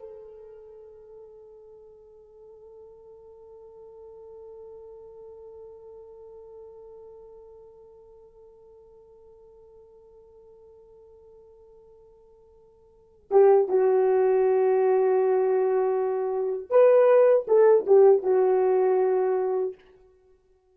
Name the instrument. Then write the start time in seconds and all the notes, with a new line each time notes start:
horn
0.00 A4
13.31 G4
13.69 F#4
16.70 B4
17.48 A4
17.87 G4
18.23 F#4